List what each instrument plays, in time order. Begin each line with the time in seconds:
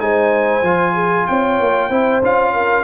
0.00 tuba G#3, trombone D#4, horn C5, trumpet G#5
0.63 tuba F3, trombone F4
0.94 horn G#4
1.27 tuba C4, horn C#5, trumpet G5
1.60 tuba A#3
1.89 tuba C4, trombone E4, horn C5
2.22 tuba C#4, trombone F4, trumpet F5
2.53 horn A#4